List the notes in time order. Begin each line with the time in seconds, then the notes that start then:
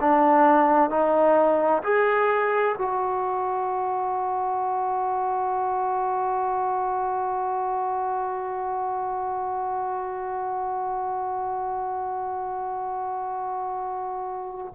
0.00 D4
0.90 D#4
1.83 G#4
2.77 F#4